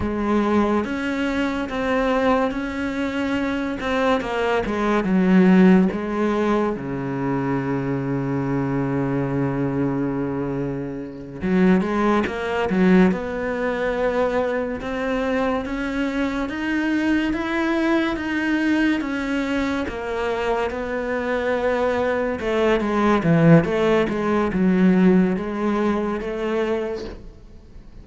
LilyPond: \new Staff \with { instrumentName = "cello" } { \time 4/4 \tempo 4 = 71 gis4 cis'4 c'4 cis'4~ | cis'8 c'8 ais8 gis8 fis4 gis4 | cis1~ | cis4. fis8 gis8 ais8 fis8 b8~ |
b4. c'4 cis'4 dis'8~ | dis'8 e'4 dis'4 cis'4 ais8~ | ais8 b2 a8 gis8 e8 | a8 gis8 fis4 gis4 a4 | }